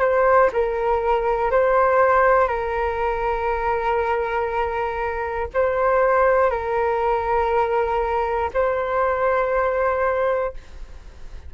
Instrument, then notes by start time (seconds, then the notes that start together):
flute
0.00 C5
0.53 A#4
1.51 C5
2.48 A#4
5.54 C5
6.50 A#4
8.54 C5